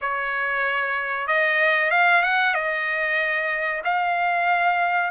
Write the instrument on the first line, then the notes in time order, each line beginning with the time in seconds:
trumpet
0.01 C#5
1.27 D#5
1.90 F5
2.22 F#5
2.54 D#5
3.84 F5